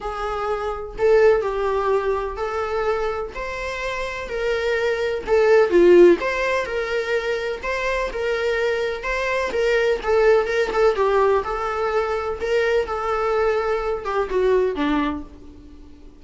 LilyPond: \new Staff \with { instrumentName = "viola" } { \time 4/4 \tempo 4 = 126 gis'2 a'4 g'4~ | g'4 a'2 c''4~ | c''4 ais'2 a'4 | f'4 c''4 ais'2 |
c''4 ais'2 c''4 | ais'4 a'4 ais'8 a'8 g'4 | a'2 ais'4 a'4~ | a'4. g'8 fis'4 d'4 | }